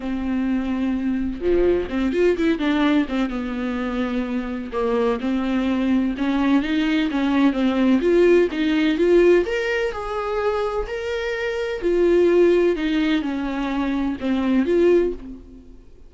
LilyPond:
\new Staff \with { instrumentName = "viola" } { \time 4/4 \tempo 4 = 127 c'2. f4 | c'8 f'8 e'8 d'4 c'8 b4~ | b2 ais4 c'4~ | c'4 cis'4 dis'4 cis'4 |
c'4 f'4 dis'4 f'4 | ais'4 gis'2 ais'4~ | ais'4 f'2 dis'4 | cis'2 c'4 f'4 | }